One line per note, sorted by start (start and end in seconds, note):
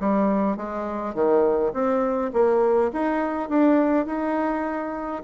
0.00 0.57 G3
0.57 1.14 G#3
1.14 1.73 D#3
1.73 2.31 C4
2.33 2.91 A#3
2.93 3.49 D#4
3.49 4.06 D4
4.06 5.22 D#4